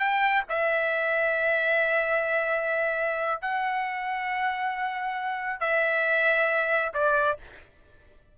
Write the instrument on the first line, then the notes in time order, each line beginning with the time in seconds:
trumpet
0.00 G5
0.50 E5
3.42 F#5
5.61 E5
6.94 D5